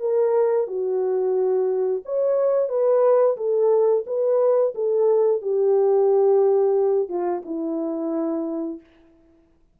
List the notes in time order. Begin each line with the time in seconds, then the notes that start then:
0.00 A#4
0.67 F#4
2.05 C#5
2.69 B4
3.37 A4
4.06 B4
4.75 A4
5.41 G4
7.08 F4
7.45 E4